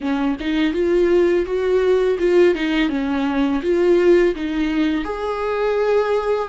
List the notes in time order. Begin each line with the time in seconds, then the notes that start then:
0.00 C#4
0.39 D#4
0.73 F4
1.45 F#4
2.18 F4
2.54 D#4
2.89 C#4
3.62 F4
4.35 D#4
5.04 G#4